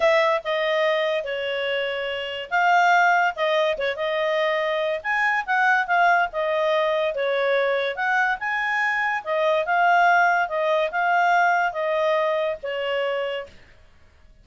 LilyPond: \new Staff \with { instrumentName = "clarinet" } { \time 4/4 \tempo 4 = 143 e''4 dis''2 cis''4~ | cis''2 f''2 | dis''4 cis''8 dis''2~ dis''8 | gis''4 fis''4 f''4 dis''4~ |
dis''4 cis''2 fis''4 | gis''2 dis''4 f''4~ | f''4 dis''4 f''2 | dis''2 cis''2 | }